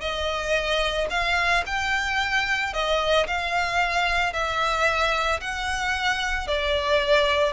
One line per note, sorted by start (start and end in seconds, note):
0.00 1.07 D#5
1.10 1.63 F5
1.66 2.73 G5
2.73 3.26 D#5
3.27 4.33 F5
4.33 5.40 E5
5.40 6.47 F#5
6.47 7.52 D5